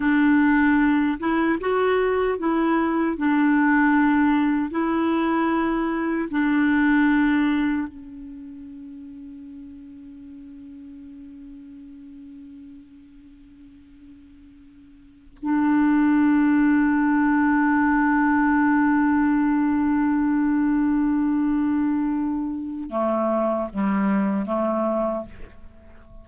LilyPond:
\new Staff \with { instrumentName = "clarinet" } { \time 4/4 \tempo 4 = 76 d'4. e'8 fis'4 e'4 | d'2 e'2 | d'2 cis'2~ | cis'1~ |
cis'2.~ cis'8 d'8~ | d'1~ | d'1~ | d'4 a4 g4 a4 | }